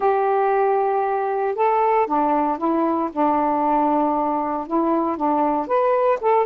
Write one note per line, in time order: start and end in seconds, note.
0.00 1.55 G4
1.55 2.06 A4
2.06 2.58 D4
2.58 3.09 E4
3.12 4.67 D4
4.67 5.16 E4
5.16 5.67 D4
5.67 6.19 B4
6.20 6.46 A4